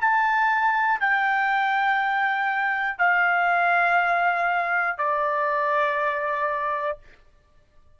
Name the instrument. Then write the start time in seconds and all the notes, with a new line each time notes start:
trumpet
0.00 A5
1.00 G5
2.98 F5
4.97 D5